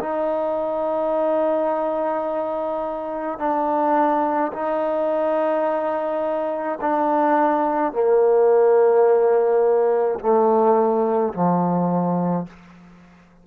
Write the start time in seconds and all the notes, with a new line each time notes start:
0.00 D#4
3.39 D4
4.53 D#4
6.81 D4
7.93 A#3
10.20 A3
11.34 F3